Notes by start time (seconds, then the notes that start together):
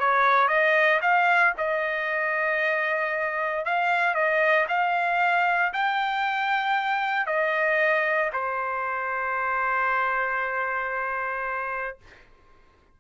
0.00 C#5
0.48 D#5
1.02 F5
1.57 D#5
3.65 F5
4.15 D#5
4.69 F5
5.73 G5
7.27 D#5
8.33 C5